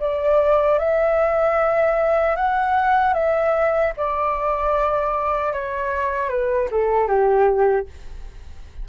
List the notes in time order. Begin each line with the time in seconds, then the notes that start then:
0.00 D5
0.79 E5
2.36 F#5
3.14 E5
3.97 D5
5.53 C#5
6.29 B4
6.71 A4
7.08 G4